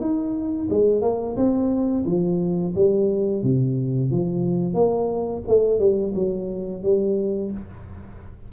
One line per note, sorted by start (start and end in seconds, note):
0.00 0.68 D#4
0.70 1.02 G#3
1.02 1.36 A#3
1.36 2.04 C4
2.05 2.73 F3
2.75 3.43 G3
3.43 4.11 C3
4.11 4.74 F3
4.74 5.42 A#3
5.47 5.79 A3
5.79 6.13 G3
6.15 6.83 F#3
6.83 7.51 G3